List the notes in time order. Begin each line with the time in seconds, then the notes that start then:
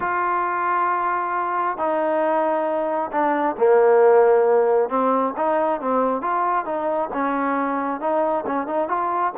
0.00 F4
1.77 D#4
3.11 D4
3.57 A#3
4.89 C4
5.37 D#4
5.80 C4
6.21 F4
6.65 D#4
7.13 C#4
8.00 D#4
8.46 C#4
8.67 D#4
8.88 F4